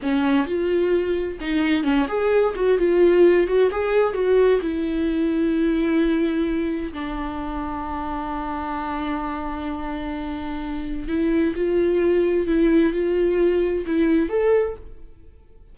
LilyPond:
\new Staff \with { instrumentName = "viola" } { \time 4/4 \tempo 4 = 130 cis'4 f'2 dis'4 | cis'8 gis'4 fis'8 f'4. fis'8 | gis'4 fis'4 e'2~ | e'2. d'4~ |
d'1~ | d'1 | e'4 f'2 e'4 | f'2 e'4 a'4 | }